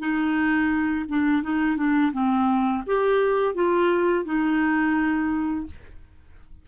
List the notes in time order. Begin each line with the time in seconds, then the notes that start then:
0.00 D#4
1.09 D4
1.43 D#4
1.77 D4
2.13 C4
2.87 G4
3.55 F4
4.25 D#4